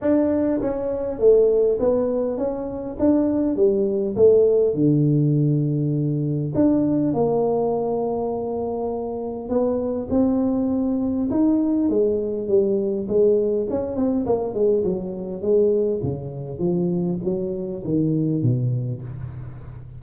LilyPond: \new Staff \with { instrumentName = "tuba" } { \time 4/4 \tempo 4 = 101 d'4 cis'4 a4 b4 | cis'4 d'4 g4 a4 | d2. d'4 | ais1 |
b4 c'2 dis'4 | gis4 g4 gis4 cis'8 c'8 | ais8 gis8 fis4 gis4 cis4 | f4 fis4 dis4 b,4 | }